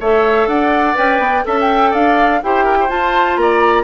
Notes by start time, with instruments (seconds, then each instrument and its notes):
0.00 bassoon A3, clarinet A4, oboe C#5, flute E5
0.47 bassoon D4, oboe D5, flute F#5
0.94 bassoon C#4, clarinet B4, flute G5
1.19 bassoon B3
1.43 bassoon C#4, clarinet A4, oboe E5, flute A5
1.61 flute G5
1.91 bassoon D4, oboe D5, flute F5
2.43 bassoon E4, clarinet G4, oboe C5, flute G5
2.64 oboe A#4
2.80 oboe C5
2.88 clarinet F4, bassoon F4, flute A5
3.36 bassoon A#3, oboe D5, flute A#5